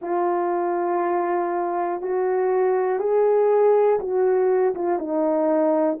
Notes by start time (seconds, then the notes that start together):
0.01 F4
2.01 F#4
2.99 G#4
3.99 F#4
4.75 F4
4.98 D#4